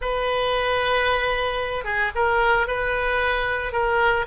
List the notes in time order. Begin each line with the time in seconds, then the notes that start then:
0.01 B4
1.84 G#4
2.15 A#4
2.67 B4
3.72 A#4